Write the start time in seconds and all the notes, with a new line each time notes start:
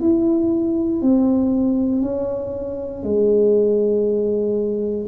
0.00 E4
1.01 C4
2.02 C#4
3.03 G#3